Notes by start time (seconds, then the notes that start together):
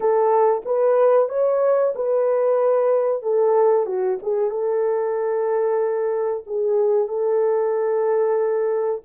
0.00 A4
0.65 B4
1.28 C#5
1.95 B4
3.22 A4
3.86 F#4
4.22 G#4
4.50 A4
6.46 G#4
7.08 A4